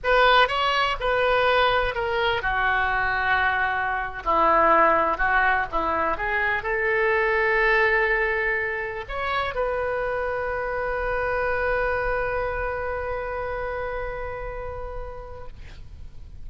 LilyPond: \new Staff \with { instrumentName = "oboe" } { \time 4/4 \tempo 4 = 124 b'4 cis''4 b'2 | ais'4 fis'2.~ | fis'8. e'2 fis'4 e'16~ | e'8. gis'4 a'2~ a'16~ |
a'2~ a'8. cis''4 b'16~ | b'1~ | b'1~ | b'1 | }